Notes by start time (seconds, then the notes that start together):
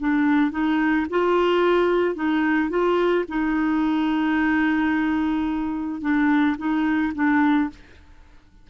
0.00 D4
0.52 D#4
1.10 F4
2.15 D#4
2.70 F4
3.29 D#4
6.02 D4
6.58 D#4
7.15 D4